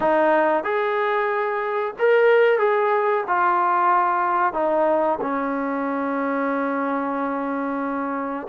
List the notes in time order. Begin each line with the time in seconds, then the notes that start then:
0.00 D#4
0.63 G#4
1.98 A#4
2.58 G#4
3.27 F4
4.53 D#4
5.21 C#4